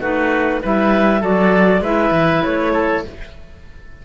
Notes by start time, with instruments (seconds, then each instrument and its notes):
0.00 cello A3, clarinet D#4 B4, oboe F#4
0.62 cello G3, clarinet E4 E5, oboe B4
1.21 cello F#3, clarinet F#4 D5, oboe A4
1.81 cello G#3, clarinet E4 E5, oboe B4
2.11 cello E3
2.44 cello A3, clarinet C#5
2.73 oboe A4